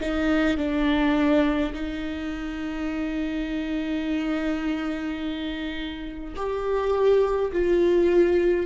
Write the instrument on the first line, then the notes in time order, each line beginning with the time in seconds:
viola
0.00 D#4
0.58 D4
1.74 D#4
6.36 G4
7.53 F4